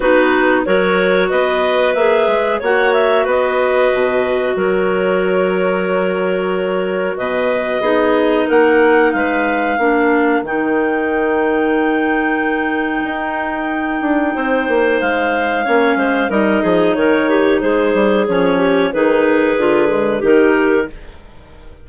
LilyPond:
<<
  \new Staff \with { instrumentName = "clarinet" } { \time 4/4 \tempo 4 = 92 b'4 cis''4 dis''4 e''4 | fis''8 e''8 dis''2 cis''4~ | cis''2. dis''4~ | dis''4 fis''4 f''2 |
g''1~ | g''2. f''4~ | f''4 dis''4 cis''4 c''4 | cis''4 b'2 ais'4 | }
  \new Staff \with { instrumentName = "clarinet" } { \time 4/4 fis'4 ais'4 b'2 | cis''4 b'2 ais'4~ | ais'2. b'4 | gis'4 ais'4 b'4 ais'4~ |
ais'1~ | ais'2 c''2 | cis''8 c''8 ais'8 gis'8 ais'8 g'8 gis'4~ | gis'8 g'8 gis'2 g'4 | }
  \new Staff \with { instrumentName = "clarinet" } { \time 4/4 dis'4 fis'2 gis'4 | fis'1~ | fis'1 | dis'2. d'4 |
dis'1~ | dis'1 | cis'4 dis'2. | cis'4 dis'4 f'8 gis8 dis'4 | }
  \new Staff \with { instrumentName = "bassoon" } { \time 4/4 b4 fis4 b4 ais8 gis8 | ais4 b4 b,4 fis4~ | fis2. b,4 | b4 ais4 gis4 ais4 |
dis1 | dis'4. d'8 c'8 ais8 gis4 | ais8 gis8 g8 f8 dis4 gis8 g8 | f4 dis4 d4 dis4 | }
>>